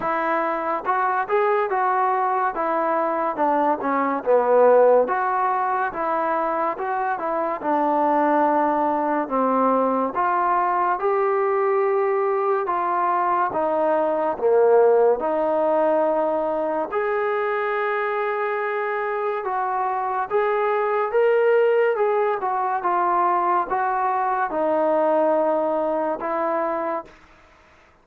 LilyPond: \new Staff \with { instrumentName = "trombone" } { \time 4/4 \tempo 4 = 71 e'4 fis'8 gis'8 fis'4 e'4 | d'8 cis'8 b4 fis'4 e'4 | fis'8 e'8 d'2 c'4 | f'4 g'2 f'4 |
dis'4 ais4 dis'2 | gis'2. fis'4 | gis'4 ais'4 gis'8 fis'8 f'4 | fis'4 dis'2 e'4 | }